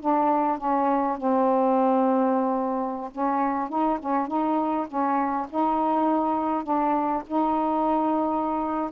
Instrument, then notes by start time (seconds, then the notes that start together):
saxophone
0.00 D4
0.58 C#4
1.17 C4
3.11 C#4
3.69 D#4
3.99 C#4
4.27 D#4
4.87 C#4
5.50 D#4
6.63 D4
7.27 D#4